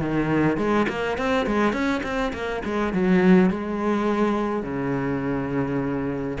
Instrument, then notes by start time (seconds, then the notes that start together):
cello
0.00 D#3
0.57 G#3
0.88 A#3
1.17 C4
1.46 G#3
1.72 C#4
2.03 C4
2.33 A#3
2.65 G#3
2.93 F#3
3.50 G#3
4.63 C#3